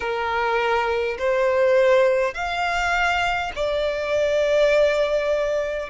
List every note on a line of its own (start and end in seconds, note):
0.00 1.17 A#4
1.18 2.34 C5
2.34 3.51 F5
3.55 5.89 D5